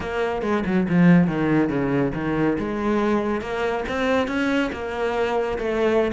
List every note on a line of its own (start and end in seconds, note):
0.00 0.42 A#3
0.42 0.63 G#3
0.65 0.87 F#3
0.88 1.27 F3
1.27 1.69 D#3
1.69 2.12 C#3
2.14 2.57 D#3
2.58 3.41 G#3
3.41 3.84 A#3
3.88 4.27 C4
4.27 4.70 C#4
4.72 5.58 A#3
5.58 6.12 A3